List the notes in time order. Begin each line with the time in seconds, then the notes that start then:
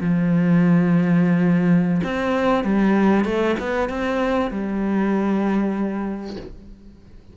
0.00 F3
2.03 C4
2.63 G3
3.24 A3
3.59 B3
3.89 C4
4.50 G3